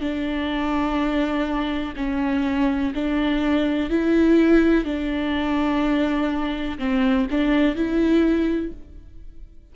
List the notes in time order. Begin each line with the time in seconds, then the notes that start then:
0.00 D4
1.96 C#4
2.94 D4
3.90 E4
4.84 D4
6.78 C4
7.30 D4
7.76 E4